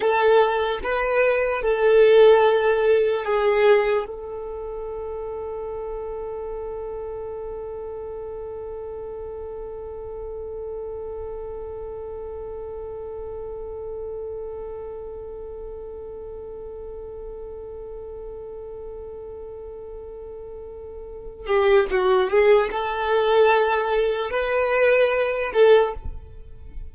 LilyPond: \new Staff \with { instrumentName = "violin" } { \time 4/4 \tempo 4 = 74 a'4 b'4 a'2 | gis'4 a'2.~ | a'1~ | a'1~ |
a'1~ | a'1~ | a'2~ a'8 g'8 fis'8 gis'8 | a'2 b'4. a'8 | }